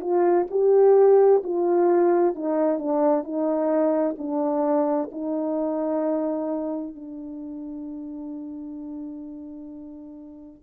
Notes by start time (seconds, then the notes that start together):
0.00 F4
0.50 G4
1.43 F4
2.35 D#4
2.78 D4
3.23 D#4
4.17 D4
5.11 D#4
6.95 D4